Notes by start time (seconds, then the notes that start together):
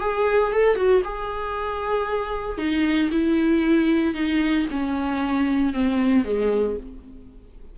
0.00 G#4
0.52 A4
0.76 F#4
1.04 G#4
2.58 D#4
3.11 E4
4.14 D#4
4.71 C#4
5.73 C4
6.24 G#3